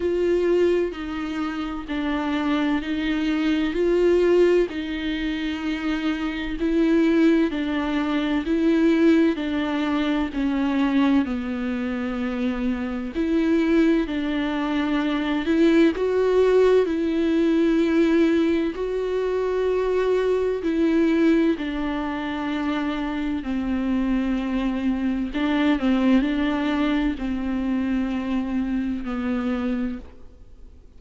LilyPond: \new Staff \with { instrumentName = "viola" } { \time 4/4 \tempo 4 = 64 f'4 dis'4 d'4 dis'4 | f'4 dis'2 e'4 | d'4 e'4 d'4 cis'4 | b2 e'4 d'4~ |
d'8 e'8 fis'4 e'2 | fis'2 e'4 d'4~ | d'4 c'2 d'8 c'8 | d'4 c'2 b4 | }